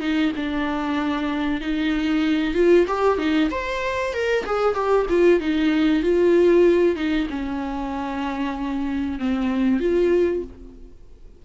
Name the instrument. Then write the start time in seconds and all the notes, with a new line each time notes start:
viola
0.00 D#4
0.36 D4
1.61 D#4
2.54 F4
2.87 G4
3.18 D#4
3.51 C5
4.13 A#4
4.46 G#4
4.75 G4
5.10 F4
5.40 D#4
6.03 F4
6.96 D#4
7.30 C#4
9.19 C4
9.80 F4